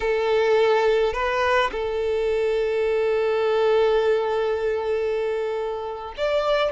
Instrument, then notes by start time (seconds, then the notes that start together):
violin
0.00 A4
1.13 B4
1.71 A4
6.17 D5